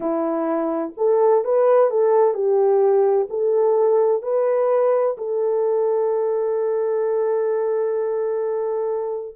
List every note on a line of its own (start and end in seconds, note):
0.00 0.93 E4
0.97 1.44 A4
1.44 1.90 B4
1.90 2.34 A4
2.34 3.27 G4
3.29 4.22 A4
4.22 5.16 B4
5.17 9.36 A4